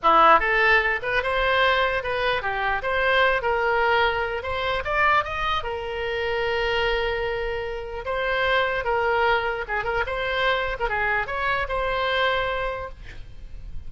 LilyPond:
\new Staff \with { instrumentName = "oboe" } { \time 4/4 \tempo 4 = 149 e'4 a'4. b'8 c''4~ | c''4 b'4 g'4 c''4~ | c''8 ais'2~ ais'8 c''4 | d''4 dis''4 ais'2~ |
ais'1 | c''2 ais'2 | gis'8 ais'8 c''4.~ c''16 ais'16 gis'4 | cis''4 c''2. | }